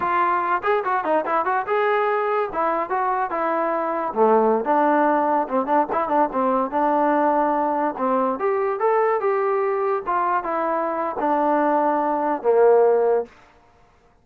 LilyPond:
\new Staff \with { instrumentName = "trombone" } { \time 4/4 \tempo 4 = 145 f'4. gis'8 fis'8 dis'8 e'8 fis'8 | gis'2 e'4 fis'4 | e'2 a4~ a16 d'8.~ | d'4~ d'16 c'8 d'8 e'8 d'8 c'8.~ |
c'16 d'2. c'8.~ | c'16 g'4 a'4 g'4.~ g'16~ | g'16 f'4 e'4.~ e'16 d'4~ | d'2 ais2 | }